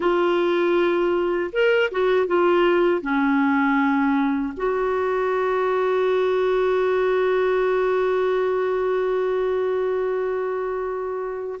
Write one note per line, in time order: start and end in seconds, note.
0.00 1.50 F4
1.52 1.90 A#4
1.91 2.26 F#4
2.26 3.01 F4
3.01 4.53 C#4
4.56 11.59 F#4